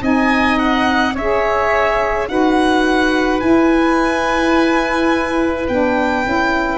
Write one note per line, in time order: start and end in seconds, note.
0.00 1.15 C4
0.00 1.13 D#4
0.00 1.14 D#5
0.00 0.59 G#5
0.59 1.16 F#5
1.14 2.28 C#4
1.14 2.28 G#4
1.14 2.28 C#5
1.14 2.29 E5
2.28 3.42 D#4
2.28 3.41 F#4
2.28 6.79 B4
2.28 3.40 F#5
3.40 5.67 E4
3.40 5.69 E4
3.40 5.67 G#5
5.69 6.25 B3
5.69 6.25 D4
5.69 6.79 G5
6.25 6.79 C#4
6.25 6.79 E4